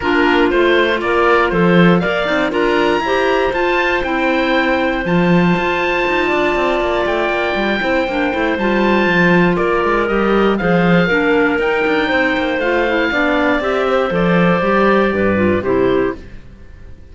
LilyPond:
<<
  \new Staff \with { instrumentName = "oboe" } { \time 4/4 \tempo 4 = 119 ais'4 c''4 d''4 c''4 | f''4 ais''2 a''4 | g''2 a''2~ | a''2 g''2~ |
g''4 a''2 d''4 | dis''4 f''2 g''4~ | g''4 f''2 e''4 | d''2. c''4 | }
  \new Staff \with { instrumentName = "clarinet" } { \time 4/4 f'2 ais'4 a'4 | d''4 ais'4 c''2~ | c''1~ | c''8 d''2. c''8~ |
c''2. ais'4~ | ais'4 c''4 ais'2 | c''2 d''4. c''8~ | c''2 b'4 g'4 | }
  \new Staff \with { instrumentName = "clarinet" } { \time 4/4 d'4 f'2. | ais'8 dis'8 f'4 g'4 f'4 | e'2 f'2~ | f'2.~ f'8 e'8 |
d'8 e'8 f'2. | g'4 gis'4 d'4 dis'4~ | dis'4 f'8 e'8 d'4 g'4 | a'4 g'4. f'8 e'4 | }
  \new Staff \with { instrumentName = "cello" } { \time 4/4 ais4 a4 ais4 f4 | ais8 c'8 d'4 e'4 f'4 | c'2 f4 f'4 | dis'8 d'8 c'8 ais8 a8 ais8 g8 c'8 |
ais8 a8 g4 f4 ais8 gis8 | g4 f4 ais4 dis'8 d'8 | c'8 ais8 a4 b4 c'4 | f4 g4 g,4 c4 | }
>>